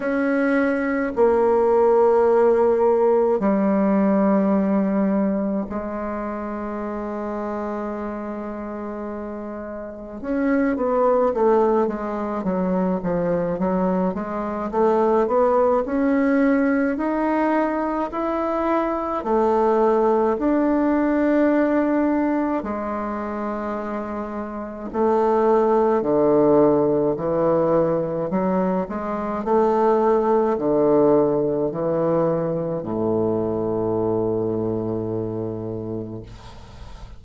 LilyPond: \new Staff \with { instrumentName = "bassoon" } { \time 4/4 \tempo 4 = 53 cis'4 ais2 g4~ | g4 gis2.~ | gis4 cis'8 b8 a8 gis8 fis8 f8 | fis8 gis8 a8 b8 cis'4 dis'4 |
e'4 a4 d'2 | gis2 a4 d4 | e4 fis8 gis8 a4 d4 | e4 a,2. | }